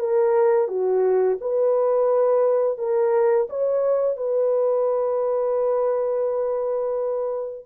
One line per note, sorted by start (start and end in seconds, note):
0.00 0.68 A#4
0.68 1.38 F#4
1.41 2.78 B4
2.78 3.48 A#4
3.50 4.17 C#5
4.17 7.66 B4